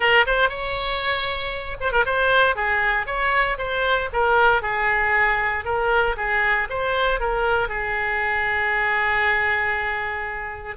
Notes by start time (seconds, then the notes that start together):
0.00 A#4
0.26 C5
0.49 C#5
1.80 C5
1.92 A#4
2.05 C5
2.55 G#4
3.06 C#5
3.58 C5
4.13 A#4
4.62 G#4
5.64 A#4
6.16 G#4
6.69 C5
7.20 A#4
7.68 G#4